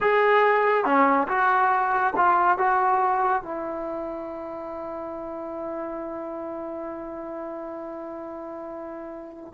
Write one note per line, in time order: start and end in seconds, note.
0.01 0.85 G#4
0.85 1.27 C#4
1.28 2.13 F#4
2.16 2.58 F4
2.58 3.42 F#4
3.42 9.53 E4